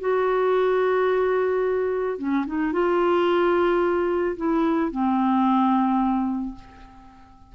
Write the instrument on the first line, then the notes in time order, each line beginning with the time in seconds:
clarinet
0.00 F#4
2.18 C#4
2.46 D#4
2.72 F4
4.36 E4
4.91 C4